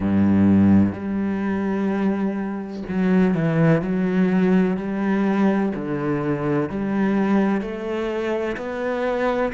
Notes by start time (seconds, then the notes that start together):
0.00 G2
0.93 G3
2.88 F#3
3.34 E3
3.81 F#3
4.77 G3
5.75 D3
6.69 G3
7.61 A3
8.56 B3